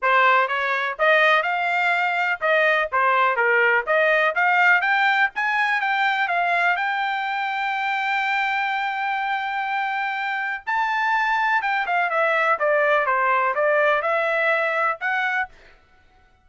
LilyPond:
\new Staff \with { instrumentName = "trumpet" } { \time 4/4 \tempo 4 = 124 c''4 cis''4 dis''4 f''4~ | f''4 dis''4 c''4 ais'4 | dis''4 f''4 g''4 gis''4 | g''4 f''4 g''2~ |
g''1~ | g''2 a''2 | g''8 f''8 e''4 d''4 c''4 | d''4 e''2 fis''4 | }